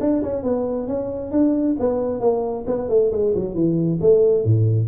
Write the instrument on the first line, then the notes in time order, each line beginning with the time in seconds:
tuba
0.00 D4
0.23 C#4
0.43 B3
0.88 C#4
1.31 D4
1.80 B3
2.20 A#3
2.67 B3
2.89 A3
3.12 G#3
3.35 F#3
3.55 E3
4.01 A3
4.45 A2